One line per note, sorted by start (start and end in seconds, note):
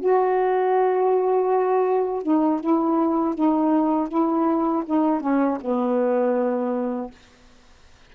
0.00 2.23 F#4
2.23 2.61 D#4
2.61 3.35 E4
3.35 4.09 D#4
4.09 4.84 E4
4.86 5.21 D#4
5.21 5.58 C#4
5.61 7.11 B3